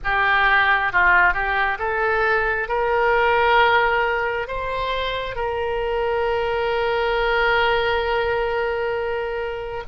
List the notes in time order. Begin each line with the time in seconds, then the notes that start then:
0.04 G4
0.92 F4
1.33 G4
1.78 A4
2.68 A#4
4.47 C5
5.35 A#4